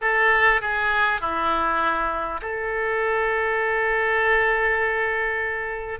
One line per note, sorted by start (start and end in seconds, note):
0.01 0.61 A4
0.61 1.20 G#4
1.20 2.40 E4
2.41 5.99 A4